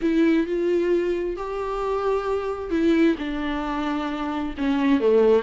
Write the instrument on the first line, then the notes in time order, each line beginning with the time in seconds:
viola
0.01 E4
0.46 F4
1.36 G4
2.70 E4
3.18 D4
4.57 C#4
5.00 A3